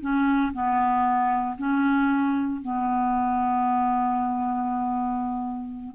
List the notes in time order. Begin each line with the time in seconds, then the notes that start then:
0.00 C#4
0.53 B3
1.58 C#4
2.61 B3